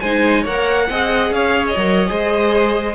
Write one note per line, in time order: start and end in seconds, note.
0.00 0.46 G#3
0.00 0.46 D#4
0.00 0.42 C5
0.00 0.44 G#5
0.42 0.90 A#3
0.42 0.90 A#4
0.42 0.86 C#5
0.42 1.34 F#5
0.90 1.31 C4
0.90 1.79 G#4
0.90 1.34 D#5
1.31 1.75 C#4
1.31 2.09 C#5
1.31 1.67 F5
1.67 2.95 D#5
1.77 2.10 F#3
1.77 2.08 A#4
2.08 2.95 G#3
2.08 2.95 G#4
2.08 2.95 C5